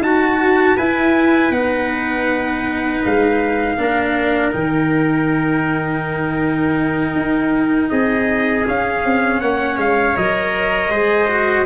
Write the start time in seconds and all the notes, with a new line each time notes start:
0.00 D#4 F#4 A5
0.76 E4 B4 G#5
1.50 B3 D#4 F#5
3.05 G#3 F5
3.78 A#3 D4 A#4
4.52 D#3 D#4 G5
7.15 D#4
7.90 C4 G#4 D#5
8.67 C#4 F5
9.05 C4
9.41 A#3 C#5 F#5
9.77 G#3 F5
10.16 F#3 A#4 D#5
10.90 G#3 G#4 C5
11.29 F#4